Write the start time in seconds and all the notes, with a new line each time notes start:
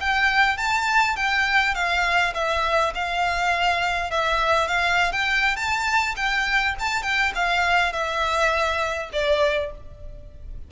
0.00 G5
0.57 A5
1.16 G5
1.74 F5
2.34 E5
2.95 F5
4.11 E5
4.68 F5
5.12 G5
5.56 A5
6.16 G5
6.79 A5
7.03 G5
7.35 F5
7.93 E5
9.13 D5